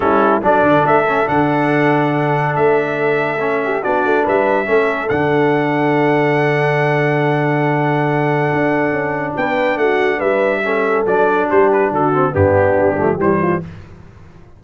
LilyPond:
<<
  \new Staff \with { instrumentName = "trumpet" } { \time 4/4 \tempo 4 = 141 a'4 d''4 e''4 fis''4~ | fis''2 e''2~ | e''4 d''4 e''2 | fis''1~ |
fis''1~ | fis''2 g''4 fis''4 | e''2 d''4 c''8 b'8 | a'4 g'2 c''4 | }
  \new Staff \with { instrumentName = "horn" } { \time 4/4 e'4 a'2.~ | a'1~ | a'8 g'8 fis'4 b'4 a'4~ | a'1~ |
a'1~ | a'2 b'4 fis'4 | b'4 a'2 g'4 | fis'4 d'2 g'8 f'8 | }
  \new Staff \with { instrumentName = "trombone" } { \time 4/4 cis'4 d'4. cis'8 d'4~ | d'1 | cis'4 d'2 cis'4 | d'1~ |
d'1~ | d'1~ | d'4 cis'4 d'2~ | d'8 c'8 b4. a8 g4 | }
  \new Staff \with { instrumentName = "tuba" } { \time 4/4 g4 fis8 d8 a4 d4~ | d2 a2~ | a4 b8 a8 g4 a4 | d1~ |
d1 | d'4 cis'4 b4 a4 | g2 fis4 g4 | d4 g,4 g8 f8 e4 | }
>>